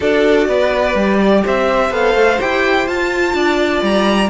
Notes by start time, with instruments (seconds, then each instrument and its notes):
0.00 cello D4, viola F#4, violin A4 D5
0.47 cello B3, violin B4
0.94 cello G3, viola G4
1.21 violin D5
1.44 cello C4, violin C5 E5
1.90 cello B3, viola A4, violin F5
2.14 cello A3
2.40 cello E4, viola G4, violin G5
2.87 cello F4, viola F4, violin A5
3.33 cello D4, violin D5
3.82 cello G3, violin A#5